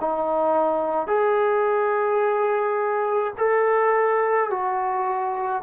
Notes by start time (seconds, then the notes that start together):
0.00 D#4
1.07 G#4
3.37 A4
4.50 F#4